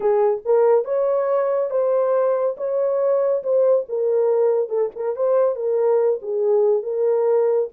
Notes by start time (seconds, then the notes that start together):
0.00 G#4
0.45 A#4
0.85 C#5
1.70 C5
2.57 C#5
3.43 C5
3.88 A#4
4.69 A4
4.95 A#4
5.16 C5
5.55 A#4
6.22 G#4
6.83 A#4